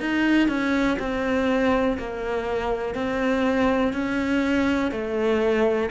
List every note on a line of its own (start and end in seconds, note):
0.00 0.48 D#4
0.48 0.97 C#4
0.99 1.97 C4
1.98 2.94 A#3
2.94 3.93 C4
3.93 4.91 C#4
4.91 5.89 A3